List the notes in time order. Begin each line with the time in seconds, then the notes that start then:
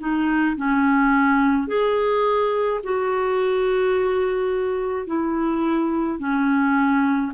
0.00 D#4
0.57 C#4
1.68 G#4
2.84 F#4
5.07 E4
6.20 C#4